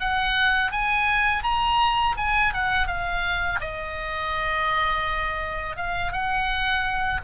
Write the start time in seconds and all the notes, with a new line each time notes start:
0.00 F#5
0.72 G#5
1.43 A#5
2.18 G#5
2.54 F#5
2.88 F5
3.60 D#5
5.76 F5
6.12 F#5